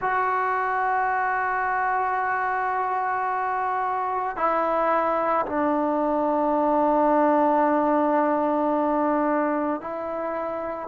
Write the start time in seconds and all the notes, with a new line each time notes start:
0.00 F#4
4.36 E4
5.45 D4
9.80 E4